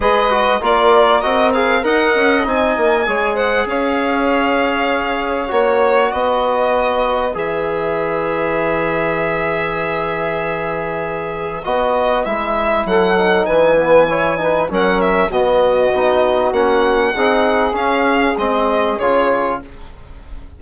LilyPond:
<<
  \new Staff \with { instrumentName = "violin" } { \time 4/4 \tempo 4 = 98 dis''4 d''4 dis''8 f''8 fis''4 | gis''4. fis''8 f''2~ | f''4 cis''4 dis''2 | e''1~ |
e''2. dis''4 | e''4 fis''4 gis''2 | fis''8 e''8 dis''2 fis''4~ | fis''4 f''4 dis''4 cis''4 | }
  \new Staff \with { instrumentName = "saxophone" } { \time 4/4 b'4 ais'2 dis''4~ | dis''4 cis''8 c''8 cis''2~ | cis''2 b'2~ | b'1~ |
b'1~ | b'4 a'4 b'4 cis''8 b'8 | ais'4 fis'2. | gis'1 | }
  \new Staff \with { instrumentName = "trombone" } { \time 4/4 gis'8 fis'8 f'4 fis'8 gis'8 ais'4 | dis'4 gis'2.~ | gis'4 fis'2. | gis'1~ |
gis'2. fis'4 | e'4. dis'4 b8 e'8 dis'8 | cis'4 b4 dis'4 cis'4 | dis'4 cis'4 c'4 f'4 | }
  \new Staff \with { instrumentName = "bassoon" } { \time 4/4 gis4 ais4 c'4 dis'8 cis'8 | c'8 ais8 gis4 cis'2~ | cis'4 ais4 b2 | e1~ |
e2. b4 | gis4 fis4 e2 | fis4 b,4 b4 ais4 | c'4 cis'4 gis4 cis4 | }
>>